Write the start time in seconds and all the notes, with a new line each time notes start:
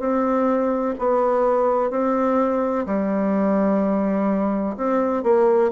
0.00 C4
1.00 B3
1.91 C4
2.87 G3
4.77 C4
5.23 A#3